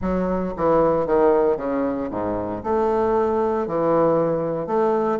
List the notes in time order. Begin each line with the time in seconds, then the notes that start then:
0.01 F#3
0.56 E3
1.06 D#3
1.57 C#3
2.11 G#2
2.63 A3
3.67 E3
4.66 A3